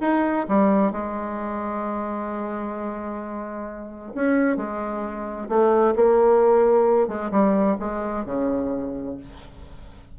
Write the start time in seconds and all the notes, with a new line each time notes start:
0.00 D#4
0.48 G3
0.92 G#3
4.15 C#4
4.56 G#3
5.48 A3
5.95 A#3
7.07 G#3
7.31 G3
7.79 G#3
8.25 C#3